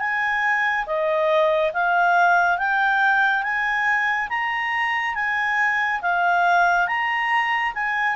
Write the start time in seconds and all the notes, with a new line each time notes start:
0.00 G#5
0.87 D#5
1.74 F5
2.59 G5
3.43 G#5
4.30 A#5
5.15 G#5
6.02 F5
6.88 A#5
7.75 G#5